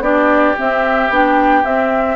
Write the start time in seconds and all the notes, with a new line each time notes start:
0.00 B3 D4 G4 D5
0.57 C4 E5
1.10 B3 D4 G5
1.64 C4 E5